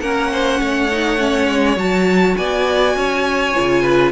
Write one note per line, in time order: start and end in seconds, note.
0.00 0.60 A#3
0.00 0.91 C#4
0.00 0.31 A#4
0.00 1.76 F#5
0.32 0.60 C5
0.60 1.48 A3
0.60 2.37 C#5
0.91 1.18 D#4
1.18 1.77 C#4
1.48 1.77 G#3
1.77 2.35 F#3
1.77 3.53 F#4
1.77 2.37 A5
2.37 2.96 B3
2.37 2.96 D5
2.37 4.12 G#5
2.96 3.55 C#4
2.96 3.82 C#5
3.55 4.12 C#3
3.55 4.12 F4
3.82 4.12 B4